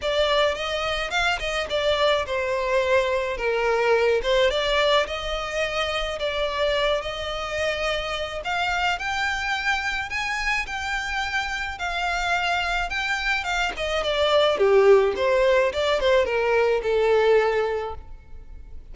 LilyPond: \new Staff \with { instrumentName = "violin" } { \time 4/4 \tempo 4 = 107 d''4 dis''4 f''8 dis''8 d''4 | c''2 ais'4. c''8 | d''4 dis''2 d''4~ | d''8 dis''2~ dis''8 f''4 |
g''2 gis''4 g''4~ | g''4 f''2 g''4 | f''8 dis''8 d''4 g'4 c''4 | d''8 c''8 ais'4 a'2 | }